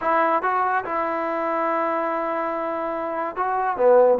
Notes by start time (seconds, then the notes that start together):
0.01 E4
0.42 F#4
0.84 E4
3.36 F#4
3.76 B3